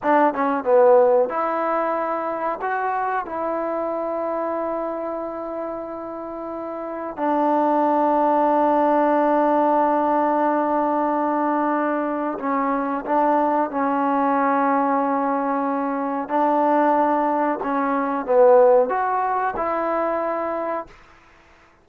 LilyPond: \new Staff \with { instrumentName = "trombone" } { \time 4/4 \tempo 4 = 92 d'8 cis'8 b4 e'2 | fis'4 e'2.~ | e'2. d'4~ | d'1~ |
d'2. cis'4 | d'4 cis'2.~ | cis'4 d'2 cis'4 | b4 fis'4 e'2 | }